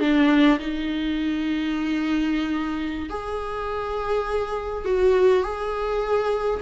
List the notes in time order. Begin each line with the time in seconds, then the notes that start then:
0.00 D4
0.59 D#4
3.10 G#4
4.85 F#4
5.43 G#4